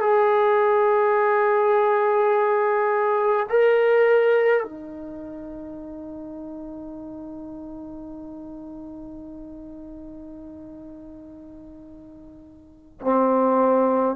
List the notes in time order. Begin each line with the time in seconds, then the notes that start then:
0.00 G#4
3.49 A#4
4.64 D#4
13.01 C4